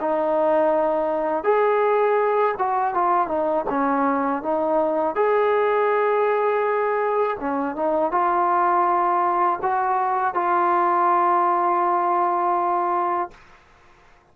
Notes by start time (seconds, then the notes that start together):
0.00 D#4
1.44 G#4
2.58 F#4
2.94 F4
3.28 D#4
3.69 C#4
4.43 D#4
5.15 G#4
7.39 C#4
7.76 D#4
8.11 F4
9.62 F#4
10.34 F4